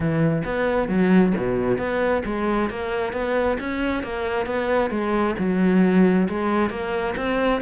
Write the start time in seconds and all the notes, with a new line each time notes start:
0.00 E3
0.44 B3
0.88 F#3
1.37 B2
1.78 B3
2.25 G#3
2.70 A#3
3.12 B3
3.59 C#4
4.03 A#3
4.46 B3
4.90 G#3
5.38 F#3
6.28 G#3
6.70 A#3
7.16 C4